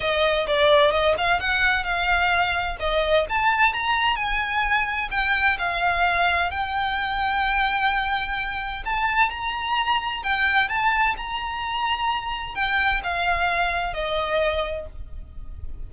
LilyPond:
\new Staff \with { instrumentName = "violin" } { \time 4/4 \tempo 4 = 129 dis''4 d''4 dis''8 f''8 fis''4 | f''2 dis''4 a''4 | ais''4 gis''2 g''4 | f''2 g''2~ |
g''2. a''4 | ais''2 g''4 a''4 | ais''2. g''4 | f''2 dis''2 | }